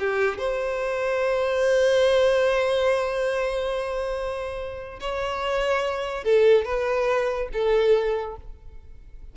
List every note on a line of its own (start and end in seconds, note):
0.00 0.38 G4
0.38 5.00 C5
5.00 6.24 C#5
6.24 6.65 A4
6.65 7.49 B4
7.53 8.37 A4